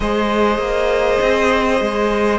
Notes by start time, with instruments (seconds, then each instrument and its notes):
0.00 cello G#3, viola G#4, violin C5 D#5
0.58 cello A#3
1.21 cello C4
1.80 cello G#3